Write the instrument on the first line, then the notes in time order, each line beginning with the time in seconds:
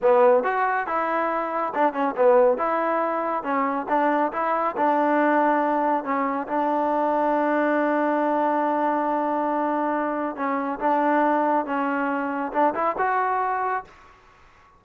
trombone
0.02 B3
0.43 F#4
0.86 E4
1.74 D4
1.93 C#4
2.16 B3
2.57 E4
3.43 C#4
3.88 D4
4.32 E4
4.77 D4
6.04 C#4
6.47 D4
10.36 C#4
10.79 D4
11.65 C#4
12.52 D4
12.74 E4
12.98 F#4